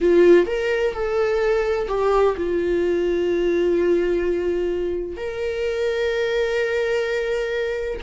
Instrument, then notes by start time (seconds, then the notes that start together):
viola
0.00 F4
0.46 A#4
0.94 A4
1.88 G4
2.36 F4
5.16 A#4